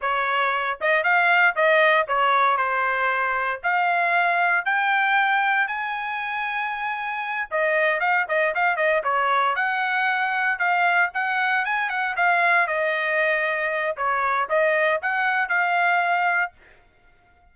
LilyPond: \new Staff \with { instrumentName = "trumpet" } { \time 4/4 \tempo 4 = 116 cis''4. dis''8 f''4 dis''4 | cis''4 c''2 f''4~ | f''4 g''2 gis''4~ | gis''2~ gis''8 dis''4 f''8 |
dis''8 f''8 dis''8 cis''4 fis''4.~ | fis''8 f''4 fis''4 gis''8 fis''8 f''8~ | f''8 dis''2~ dis''8 cis''4 | dis''4 fis''4 f''2 | }